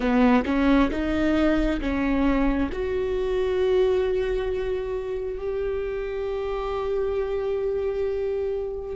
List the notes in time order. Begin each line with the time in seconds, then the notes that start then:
0.00 B3
0.45 C#4
0.90 D#4
1.80 C#4
2.72 F#4
5.37 G4